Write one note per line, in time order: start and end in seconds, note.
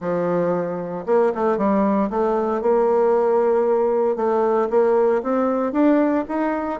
0.00 1.05 F3
1.06 1.32 A#3
1.34 1.57 A3
1.57 2.09 G3
2.09 2.61 A3
2.61 4.16 A#3
4.16 4.68 A3
4.70 5.22 A#3
5.22 5.72 C4
5.72 6.24 D4
6.28 6.80 D#4